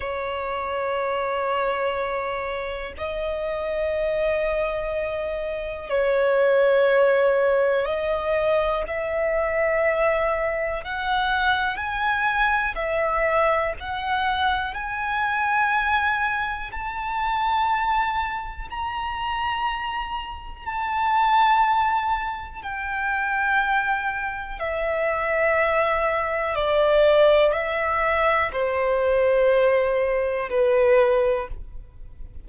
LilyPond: \new Staff \with { instrumentName = "violin" } { \time 4/4 \tempo 4 = 61 cis''2. dis''4~ | dis''2 cis''2 | dis''4 e''2 fis''4 | gis''4 e''4 fis''4 gis''4~ |
gis''4 a''2 ais''4~ | ais''4 a''2 g''4~ | g''4 e''2 d''4 | e''4 c''2 b'4 | }